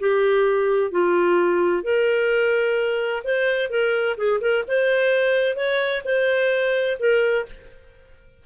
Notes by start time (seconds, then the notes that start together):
0.00 G4
0.92 F4
1.84 A#4
3.25 C5
3.70 A#4
4.18 G#4
4.41 A#4
4.68 C5
5.56 C#5
6.05 C5
7.00 A#4